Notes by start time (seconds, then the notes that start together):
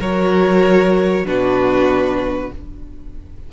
0.00 F#3 F#4 A#4 C#5
1.25 B2 D4 F#4 B4